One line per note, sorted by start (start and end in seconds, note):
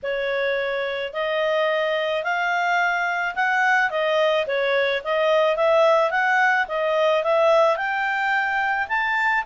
0.03 1.13 C#5
1.13 2.23 D#5
2.23 3.34 F5
3.35 3.90 F#5
3.90 4.45 D#5
4.46 5.02 C#5
5.04 5.56 D#5
5.56 6.11 E5
6.11 6.66 F#5
6.68 7.23 D#5
7.23 7.76 E5
7.76 8.87 G5
8.88 9.44 A5